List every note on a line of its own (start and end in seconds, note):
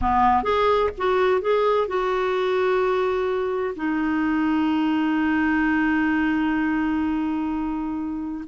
0.01 0.43 B3
0.43 0.89 G#4
0.97 1.41 F#4
1.41 1.87 G#4
1.87 3.75 F#4
3.76 8.45 D#4